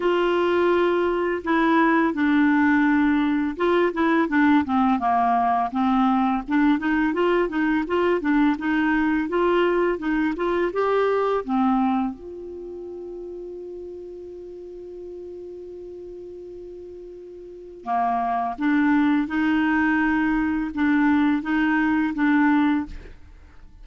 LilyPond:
\new Staff \with { instrumentName = "clarinet" } { \time 4/4 \tempo 4 = 84 f'2 e'4 d'4~ | d'4 f'8 e'8 d'8 c'8 ais4 | c'4 d'8 dis'8 f'8 dis'8 f'8 d'8 | dis'4 f'4 dis'8 f'8 g'4 |
c'4 f'2.~ | f'1~ | f'4 ais4 d'4 dis'4~ | dis'4 d'4 dis'4 d'4 | }